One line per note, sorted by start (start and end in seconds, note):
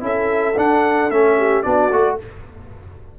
0.00 0.55 C#4
0.00 0.54 E4
0.00 1.37 A4
0.00 0.58 E5
0.56 1.10 D4
0.56 1.10 F#5
1.10 1.63 A3
1.10 1.63 C#4
1.10 1.62 E5
1.37 1.64 G4
1.62 1.92 B3
1.62 1.90 D4
1.62 2.17 F#4
1.62 2.16 D5
1.92 2.19 A3
1.92 2.18 F#4